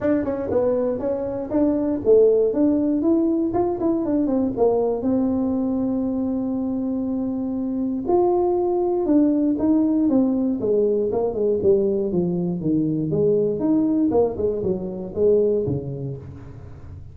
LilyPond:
\new Staff \with { instrumentName = "tuba" } { \time 4/4 \tempo 4 = 119 d'8 cis'8 b4 cis'4 d'4 | a4 d'4 e'4 f'8 e'8 | d'8 c'8 ais4 c'2~ | c'1 |
f'2 d'4 dis'4 | c'4 gis4 ais8 gis8 g4 | f4 dis4 gis4 dis'4 | ais8 gis8 fis4 gis4 cis4 | }